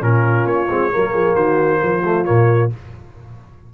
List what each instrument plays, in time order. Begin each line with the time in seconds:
0.00 tuba A#2, trombone C#4, horn F4, trumpet A#4
0.45 tuba A#3, trumpet C#5
0.69 tuba G#3, trombone C4
0.90 tuba F#3, trombone A#3, horn A#4
1.12 tuba F3, horn G#4
1.34 tuba D#3, horn F#4, trumpet C5
1.82 tuba F3, horn F4
2.04 trombone A3
2.24 tuba A#2, trombone A#3, trumpet C#5